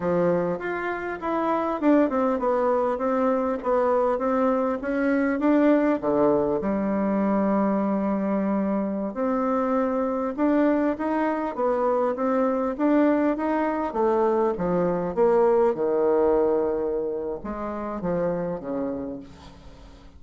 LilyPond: \new Staff \with { instrumentName = "bassoon" } { \time 4/4 \tempo 4 = 100 f4 f'4 e'4 d'8 c'8 | b4 c'4 b4 c'4 | cis'4 d'4 d4 g4~ | g2.~ g16 c'8.~ |
c'4~ c'16 d'4 dis'4 b8.~ | b16 c'4 d'4 dis'4 a8.~ | a16 f4 ais4 dis4.~ dis16~ | dis4 gis4 f4 cis4 | }